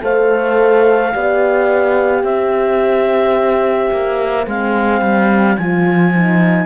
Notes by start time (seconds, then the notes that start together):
0.00 A3 A4 C5 F5
1.12 B3 G4 D5
2.23 C4 C5 E5
3.91 A#3
4.46 G#3 C4 F5
5.01 G3
5.56 F3 F4 G#5
6.15 D#4